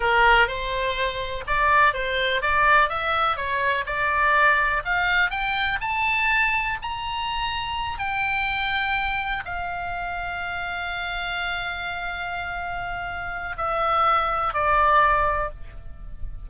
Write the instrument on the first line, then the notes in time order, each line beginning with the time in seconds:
oboe
0.00 A#4
0.47 C5
1.46 D5
1.93 C5
2.41 D5
2.89 E5
3.36 C#5
3.86 D5
4.85 F5
5.30 G5
5.80 A5
6.82 A#5
7.98 G5
9.45 F5
13.57 E5
14.53 D5